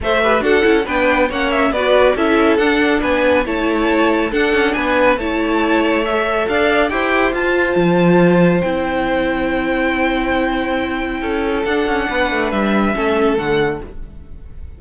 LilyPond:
<<
  \new Staff \with { instrumentName = "violin" } { \time 4/4 \tempo 4 = 139 e''4 fis''4 g''4 fis''8 e''8 | d''4 e''4 fis''4 gis''4 | a''2 fis''4 gis''4 | a''2 e''4 f''4 |
g''4 a''2. | g''1~ | g''2. fis''4~ | fis''4 e''2 fis''4 | }
  \new Staff \with { instrumentName = "violin" } { \time 4/4 c''8 b'8 a'4 b'4 cis''4 | b'4 a'2 b'4 | cis''2 a'4 b'4 | cis''2. d''4 |
c''1~ | c''1~ | c''2 a'2 | b'2 a'2 | }
  \new Staff \with { instrumentName = "viola" } { \time 4/4 a'8 g'8 fis'8 e'8 d'4 cis'4 | fis'4 e'4 d'2 | e'2 d'2 | e'2 a'2 |
g'4 f'2. | e'1~ | e'2. d'4~ | d'2 cis'4 a4 | }
  \new Staff \with { instrumentName = "cello" } { \time 4/4 a4 d'8 cis'8 b4 ais4 | b4 cis'4 d'4 b4 | a2 d'8 cis'8 b4 | a2. d'4 |
e'4 f'4 f2 | c'1~ | c'2 cis'4 d'8 cis'8 | b8 a8 g4 a4 d4 | }
>>